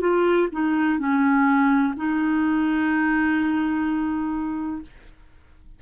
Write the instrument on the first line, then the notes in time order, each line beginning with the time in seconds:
clarinet
0.00 F4
0.52 D#4
0.99 C#4
1.96 D#4